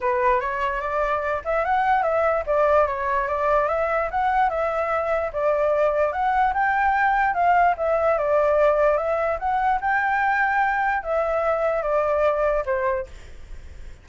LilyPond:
\new Staff \with { instrumentName = "flute" } { \time 4/4 \tempo 4 = 147 b'4 cis''4 d''4. e''8 | fis''4 e''4 d''4 cis''4 | d''4 e''4 fis''4 e''4~ | e''4 d''2 fis''4 |
g''2 f''4 e''4 | d''2 e''4 fis''4 | g''2. e''4~ | e''4 d''2 c''4 | }